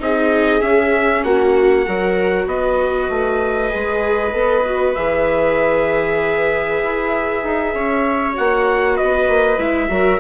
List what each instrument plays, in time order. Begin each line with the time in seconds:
0.00 bassoon C4, viola D#4 G#4, trumpet D#5
0.61 viola C#4, bassoon C#4, trumpet E5
1.24 bassoon A#3, viola F#4, trumpet F#5
1.86 bassoon F#3, viola F#4 A#4
2.47 bassoon B3, viola B4, trumpet D#5
3.10 bassoon A3
3.70 bassoon G#3, viola G#4
4.33 bassoon B3, viola A4
4.66 viola F#4
4.95 bassoon E3, viola G#4, trumpet E5
6.84 bassoon E4
7.44 bassoon D#4
7.75 bassoon C#4, viola C#5
8.34 bassoon A#3, viola F#4, trumpet F#5
8.95 viola B4, trumpet D#5
9.03 bassoon B3
9.29 bassoon A#3
9.59 bassoon G#3, viola E4, trumpet E5
9.89 bassoon F#3, viola F#4 A#4